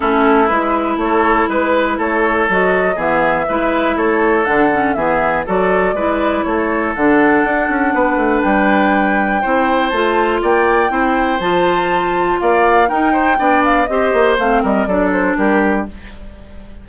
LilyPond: <<
  \new Staff \with { instrumentName = "flute" } { \time 4/4 \tempo 4 = 121 a'4 b'4 cis''4 b'4 | cis''4 dis''4 e''2 | cis''4 fis''4 e''4 d''4~ | d''4 cis''4 fis''2~ |
fis''4 g''2. | a''4 g''2 a''4~ | a''4 f''4 g''4. f''8 | dis''4 f''8 dis''8 d''8 c''8 ais'4 | }
  \new Staff \with { instrumentName = "oboe" } { \time 4/4 e'2 a'4 b'4 | a'2 gis'4 b'4 | a'2 gis'4 a'4 | b'4 a'2. |
b'2. c''4~ | c''4 d''4 c''2~ | c''4 d''4 ais'8 c''8 d''4 | c''4. ais'8 a'4 g'4 | }
  \new Staff \with { instrumentName = "clarinet" } { \time 4/4 cis'4 e'2.~ | e'4 fis'4 b4 e'4~ | e'4 d'8 cis'8 b4 fis'4 | e'2 d'2~ |
d'2. e'4 | f'2 e'4 f'4~ | f'2 dis'4 d'4 | g'4 c'4 d'2 | }
  \new Staff \with { instrumentName = "bassoon" } { \time 4/4 a4 gis4 a4 gis4 | a4 fis4 e4 gis4 | a4 d4 e4 fis4 | gis4 a4 d4 d'8 cis'8 |
b8 a8 g2 c'4 | a4 ais4 c'4 f4~ | f4 ais4 dis'4 b4 | c'8 ais8 a8 g8 fis4 g4 | }
>>